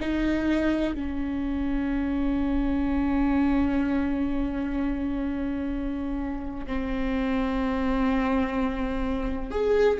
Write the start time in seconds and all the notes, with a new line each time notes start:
0.00 D#4
0.95 C#4
6.66 C4
9.51 G#4